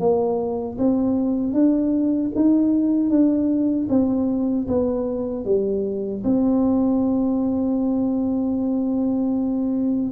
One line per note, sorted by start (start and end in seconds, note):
0.00 0.78 A#3
0.78 1.53 C4
1.53 2.31 D4
2.36 3.10 D#4
3.10 3.88 D4
3.89 4.67 C4
4.68 5.45 B3
5.45 6.23 G3
6.24 10.12 C4